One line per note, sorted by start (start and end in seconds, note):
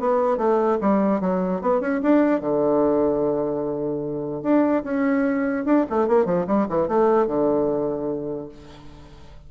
0.00 0.38 B3
0.38 0.78 A3
0.81 1.21 G3
1.21 1.62 F#3
1.62 1.81 B3
1.81 2.01 C#4
2.03 2.41 D4
2.41 4.43 D3
4.43 4.83 D4
4.84 5.65 C#4
5.65 5.85 D4
5.90 6.08 A3
6.08 6.26 A#3
6.26 6.46 F3
6.47 6.67 G3
6.69 6.88 E3
6.88 7.27 A3
7.27 8.49 D3